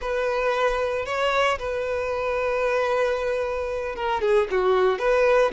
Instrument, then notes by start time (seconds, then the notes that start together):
violin
0.01 B4
1.05 C#5
1.58 B4
3.95 A#4
4.21 G#4
4.50 F#4
4.99 B4